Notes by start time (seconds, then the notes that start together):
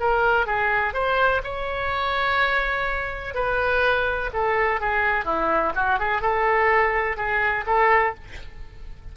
0.00 A#4
0.46 G#4
0.93 C5
1.44 C#5
3.34 B4
4.33 A4
4.81 G#4
5.25 E4
5.75 F#4
5.99 G#4
6.22 A4
7.17 G#4
7.67 A4